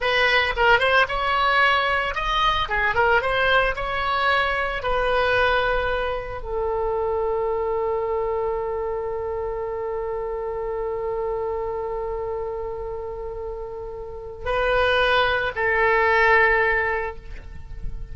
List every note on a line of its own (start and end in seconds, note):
0.00 0.54 B4
0.56 0.79 A#4
0.79 1.06 C5
1.08 2.14 C#5
2.14 2.68 D#5
2.69 2.94 G#4
2.94 3.21 A#4
3.21 3.75 C5
3.75 4.82 C#5
4.82 6.42 B4
6.42 14.45 A4
14.45 15.52 B4
15.55 17.16 A4